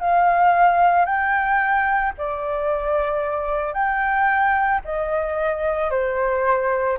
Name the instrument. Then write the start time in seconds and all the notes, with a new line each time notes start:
flute
0.00 F5
1.05 G5
2.17 D5
3.73 G5
4.84 D#5
5.90 C5